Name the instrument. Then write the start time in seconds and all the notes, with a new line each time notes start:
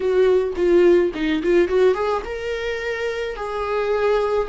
viola
0.00 F#4
0.56 F4
1.14 D#4
1.42 F4
1.67 F#4
1.94 G#4
2.24 A#4
3.35 G#4